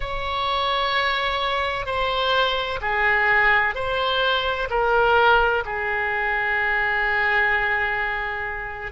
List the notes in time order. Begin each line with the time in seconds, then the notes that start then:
0.00 C#5
1.85 C5
2.81 G#4
3.75 C5
4.70 A#4
5.65 G#4